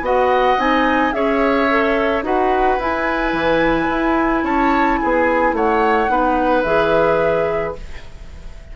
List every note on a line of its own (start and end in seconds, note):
0.00 0.55 B3
0.00 0.57 F#4
0.00 1.14 D#5
0.00 0.60 F#5
0.57 1.13 C4
0.57 1.12 D#4
0.57 1.12 G#5
1.12 2.22 C#4
1.12 1.67 G#4
1.12 2.24 C#5
1.12 2.22 E5
1.69 2.23 A4
2.22 2.77 D#4
2.22 2.78 F#4
2.22 4.44 B4
2.22 2.80 F#5
2.78 3.32 E4
2.78 6.08 E4
2.78 4.44 G#5
3.32 3.87 E3
3.89 4.43 E4
4.43 4.98 C#4
4.43 4.99 C#5
4.43 4.97 A5
4.97 5.52 B3
4.97 5.55 G#4
4.97 5.53 G#5
5.52 6.07 A3
5.52 6.10 C#5
5.52 6.62 F#5
6.08 6.64 B3
6.08 6.63 D#4
6.08 7.76 B4
6.62 7.74 E3
6.62 7.75 G#4
6.62 7.72 E5